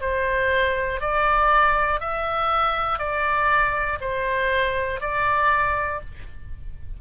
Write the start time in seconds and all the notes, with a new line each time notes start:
0.00 C5
1.00 D5
2.00 E5
2.99 D5
4.00 C5
5.00 D5